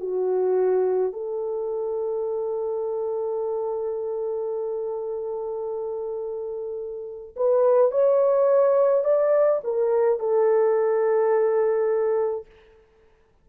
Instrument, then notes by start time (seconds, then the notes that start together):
horn
0.00 F#4
1.13 A4
7.36 B4
7.91 C#5
9.04 D5
9.63 A#4
10.19 A4